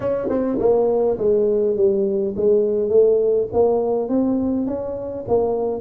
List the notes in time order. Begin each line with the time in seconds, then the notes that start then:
0.00 C#4
0.29 C4
0.59 A#3
1.18 G#3
1.76 G3
2.36 G#3
2.89 A3
3.52 A#3
4.09 C4
4.66 C#4
5.27 A#3